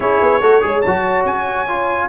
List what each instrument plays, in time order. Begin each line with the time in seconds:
0.00 tuba C#4, trombone E4, horn G#4, trumpet C#5
0.21 tuba B3
0.41 tuba A3, trombone F#4, horn A4
0.61 tuba G#3, trombone G#4, horn C#5
0.81 tuba F#3, trombone F#4, trumpet A5
1.24 tuba C#4, trumpet G#5
1.68 trombone F4